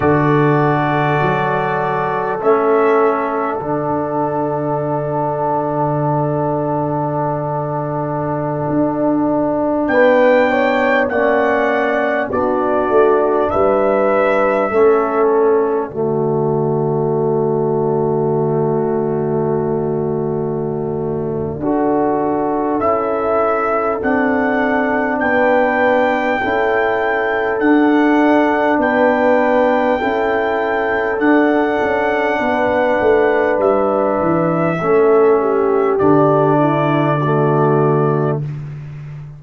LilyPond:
<<
  \new Staff \with { instrumentName = "trumpet" } { \time 4/4 \tempo 4 = 50 d''2 e''4 fis''4~ | fis''1~ | fis''16 g''4 fis''4 d''4 e''8.~ | e''8. d''2.~ d''16~ |
d''2. e''4 | fis''4 g''2 fis''4 | g''2 fis''2 | e''2 d''2 | }
  \new Staff \with { instrumentName = "horn" } { \time 4/4 a'1~ | a'1~ | a'16 b'8 cis''8 d''4 fis'4 b'8.~ | b'16 a'4 fis'2~ fis'8.~ |
fis'2 a'2~ | a'4 b'4 a'2 | b'4 a'2 b'4~ | b'4 a'8 g'4 e'8 fis'4 | }
  \new Staff \with { instrumentName = "trombone" } { \time 4/4 fis'2 cis'4 d'4~ | d'1~ | d'4~ d'16 cis'4 d'4.~ d'16~ | d'16 cis'4 a2~ a8.~ |
a2 fis'4 e'4 | d'2 e'4 d'4~ | d'4 e'4 d'2~ | d'4 cis'4 d'4 a4 | }
  \new Staff \with { instrumentName = "tuba" } { \time 4/4 d4 fis4 a4 d4~ | d2.~ d16 d'8.~ | d'16 b4 ais4 b8 a8 g8.~ | g16 a4 d2~ d8.~ |
d2 d'4 cis'4 | c'4 b4 cis'4 d'4 | b4 cis'4 d'8 cis'8 b8 a8 | g8 e8 a4 d2 | }
>>